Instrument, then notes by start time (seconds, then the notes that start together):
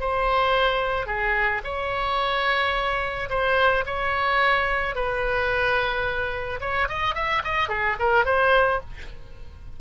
oboe
0.00 C5
1.06 G#4
1.64 C#5
3.29 C5
3.86 C#5
4.95 B4
6.60 C#5
6.88 D#5
7.15 E5
7.44 D#5
7.69 G#4
7.99 A#4
8.25 C5